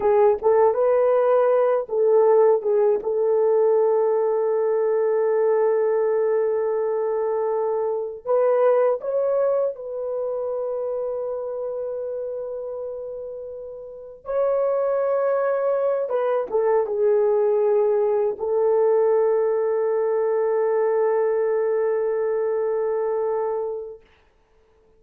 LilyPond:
\new Staff \with { instrumentName = "horn" } { \time 4/4 \tempo 4 = 80 gis'8 a'8 b'4. a'4 gis'8 | a'1~ | a'2. b'4 | cis''4 b'2.~ |
b'2. cis''4~ | cis''4. b'8 a'8 gis'4.~ | gis'8 a'2.~ a'8~ | a'1 | }